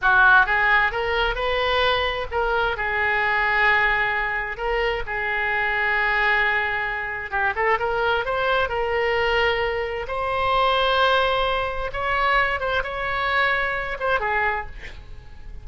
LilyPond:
\new Staff \with { instrumentName = "oboe" } { \time 4/4 \tempo 4 = 131 fis'4 gis'4 ais'4 b'4~ | b'4 ais'4 gis'2~ | gis'2 ais'4 gis'4~ | gis'1 |
g'8 a'8 ais'4 c''4 ais'4~ | ais'2 c''2~ | c''2 cis''4. c''8 | cis''2~ cis''8 c''8 gis'4 | }